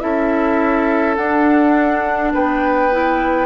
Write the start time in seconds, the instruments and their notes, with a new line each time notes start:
0.00 bassoon C#4, clarinet E4, oboe A4, flute E5
1.16 bassoon D4, clarinet D4, flute F#5
2.33 bassoon B3, oboe B4, flute G5
2.92 clarinet E4